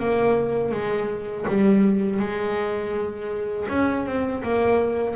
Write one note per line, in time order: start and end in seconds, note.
0.00 0.72 A#3
0.72 1.46 G#3
1.48 2.20 G3
2.20 3.68 G#3
3.69 4.06 C#4
4.06 4.43 C4
4.43 5.16 A#3